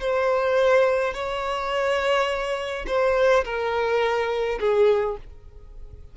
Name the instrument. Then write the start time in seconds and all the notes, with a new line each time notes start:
violin
0.00 C5
1.14 C#5
2.87 C5
3.45 A#4
4.60 G#4